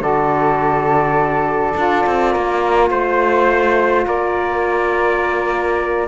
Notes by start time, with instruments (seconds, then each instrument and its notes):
0.00 cello D3, saxophone F#4, flute A4, trumpet D5
1.75 cello D4, saxophone F4
2.06 cello C4
2.31 cello A#3, flute A#4
2.90 cello A3, trumpet C5, flute C5
4.06 cello A#3, flute A#4, trumpet D5